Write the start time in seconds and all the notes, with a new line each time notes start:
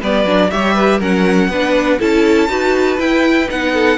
0.00 G3 B3 B4 D5
0.25 F#3 D4
0.50 G3 G4 C#5 E5
0.74 B4
0.99 F#3 C#4 A#4 F#5
1.48 B3 D4 B4
1.99 C#4 E4 A4 A5
2.48 D#4 F#4 B4
2.97 E4 G5
3.48 B3 D#4 F#5
3.73 A4